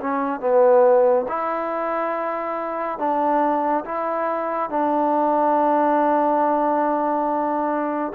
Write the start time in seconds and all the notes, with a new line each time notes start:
0.00 C#4
0.40 B3
1.28 E4
2.98 D4
3.85 E4
4.69 D4